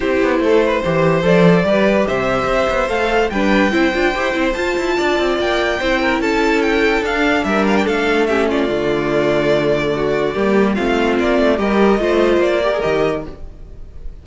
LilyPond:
<<
  \new Staff \with { instrumentName = "violin" } { \time 4/4 \tempo 4 = 145 c''2. d''4~ | d''4 e''2 f''4 | g''2. a''4~ | a''4 g''2 a''4 |
g''4 f''4 e''8 f''16 g''16 f''4 | e''8 d''2.~ d''8~ | d''2 f''4 d''4 | dis''2 d''4 dis''4 | }
  \new Staff \with { instrumentName = "violin" } { \time 4/4 g'4 a'8 b'8 c''2 | b'4 c''2. | b'4 c''2. | d''2 c''8 ais'8 a'4~ |
a'2 ais'4 a'4 | g'8 f'2.~ f'8 | fis'4 g'4 f'2 | ais'4 c''4. ais'4. | }
  \new Staff \with { instrumentName = "viola" } { \time 4/4 e'2 g'4 a'4 | g'2. a'4 | d'4 e'8 f'8 g'8 e'8 f'4~ | f'2 e'2~ |
e'4 d'2. | cis'4 a2.~ | a4 ais4 c'2 | g'4 f'4. g'16 gis'16 g'4 | }
  \new Staff \with { instrumentName = "cello" } { \time 4/4 c'8 b8 a4 e4 f4 | g4 c4 c'8 b8 a4 | g4 c'8 d'8 e'8 c'8 f'8 e'8 | d'8 c'8 ais4 c'4 cis'4~ |
cis'4 d'4 g4 a4~ | a4 d2.~ | d4 g4 a4 ais8 a8 | g4 a4 ais4 dis4 | }
>>